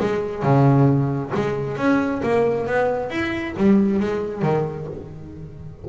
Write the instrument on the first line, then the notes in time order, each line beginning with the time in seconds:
double bass
0.00 G#3
0.43 C#3
1.34 G#3
1.77 C#4
2.23 A#3
2.66 B3
3.10 E4
3.57 G3
4.00 G#3
4.42 D#3